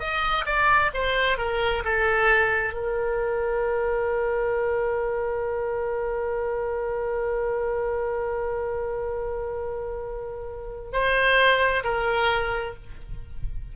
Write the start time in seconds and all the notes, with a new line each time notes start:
0.00 D#5
0.46 D5
0.94 C5
1.38 A#4
1.85 A4
2.74 A#4
10.93 C5
11.84 A#4